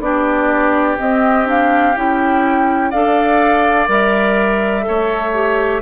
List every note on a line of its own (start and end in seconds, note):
0.00 0.97 B3
0.00 0.98 D4
0.00 2.91 G4
0.00 0.98 D5
0.98 1.45 C4
0.98 1.96 C4
0.98 1.47 D#5
1.45 1.94 D4
1.45 1.98 F5
1.96 2.93 C#4
1.96 2.93 E4
1.96 2.91 G5
2.91 3.88 D4
2.91 3.87 A4
2.91 4.84 D5
2.91 3.88 F5
3.87 4.85 G3
3.87 4.82 A#4
3.87 5.81 E5
4.82 5.30 A4
4.88 5.81 A3
4.88 5.81 C#5
5.34 5.81 G4